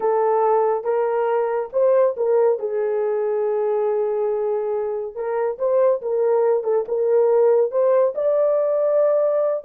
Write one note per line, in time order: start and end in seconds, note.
0.00 0.84 A4
0.84 1.69 A#4
1.72 2.15 C5
2.16 2.59 A#4
2.59 5.15 G#4
5.15 5.58 A#4
5.58 6.01 C5
6.01 6.63 A#4
6.63 6.85 A4
6.88 7.71 A#4
7.71 8.14 C5
8.14 9.64 D5